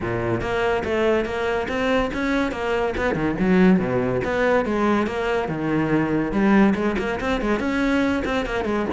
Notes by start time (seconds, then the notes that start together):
0.00 A#2
0.41 A#3
0.84 A3
1.25 A#3
1.68 C4
2.13 C#4
2.51 A#3
2.97 B3
3.14 D#3
3.39 F#3
3.79 B2
4.24 B3
4.65 G#3
5.06 A#3
5.48 D#3
6.31 G3
6.74 G#3
6.98 A#3
7.20 C4
7.41 G#3
7.59 C#4
8.25 C4
8.45 A#3
8.64 G#3